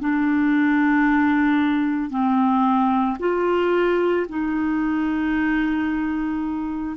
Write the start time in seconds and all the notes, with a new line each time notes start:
0.00 D4
2.10 C4
3.19 F4
4.29 D#4